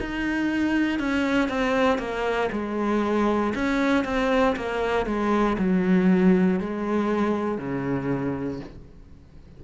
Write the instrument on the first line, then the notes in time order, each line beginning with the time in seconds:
cello
0.00 D#4
0.99 C#4
1.48 C4
1.98 A#3
2.52 G#3
3.55 C#4
4.04 C4
4.56 A#3
5.06 G#3
5.58 F#3
6.60 G#3
7.58 C#3